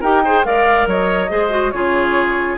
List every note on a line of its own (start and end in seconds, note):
0.00 0.45 D#4
0.00 0.24 G4
0.00 0.21 A#4
0.00 0.45 G5
0.25 0.44 G#4
0.25 0.46 C5
0.44 0.86 G#3
0.44 1.29 A#4
0.44 0.88 D5
0.44 0.87 F5
0.86 1.29 F#3
0.86 1.30 C#5
0.86 1.71 D#5
1.29 1.73 G#3
1.29 1.50 G#4
1.29 1.73 C5
1.50 1.71 F#4
1.71 2.58 C#3
1.71 2.58 F4
1.71 2.58 G#4
1.71 2.56 C#5